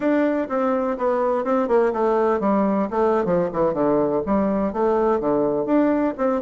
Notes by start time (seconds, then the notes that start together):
0.00 D4
0.48 C4
0.97 B3
1.44 C4
1.68 A#3
1.92 A3
2.40 G3
2.90 A3
3.24 F3
3.52 E3
3.73 D3
4.25 G3
4.72 A3
5.20 D3
5.65 D4
6.17 C4